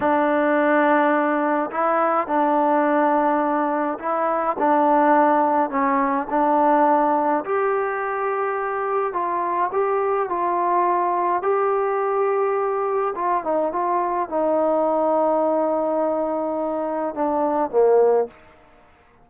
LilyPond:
\new Staff \with { instrumentName = "trombone" } { \time 4/4 \tempo 4 = 105 d'2. e'4 | d'2. e'4 | d'2 cis'4 d'4~ | d'4 g'2. |
f'4 g'4 f'2 | g'2. f'8 dis'8 | f'4 dis'2.~ | dis'2 d'4 ais4 | }